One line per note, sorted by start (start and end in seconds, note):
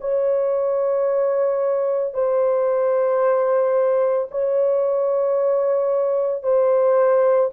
0.00 2.13 C#5
2.13 4.28 C5
4.31 6.42 C#5
6.42 7.50 C5